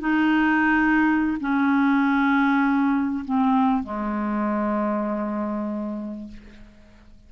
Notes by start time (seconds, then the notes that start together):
0.00 D#4
1.41 C#4
3.25 C4
3.83 G#3